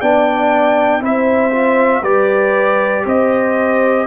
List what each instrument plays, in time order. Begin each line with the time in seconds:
0.00 tuba B3, trombone D4, horn D5, trumpet G5
1.00 tuba C4, trombone E4, horn C5, trumpet E5
1.52 trombone F4
2.02 tuba G3, trombone G4, horn B4, trumpet D5
3.06 tuba C4, horn C5, trumpet D#5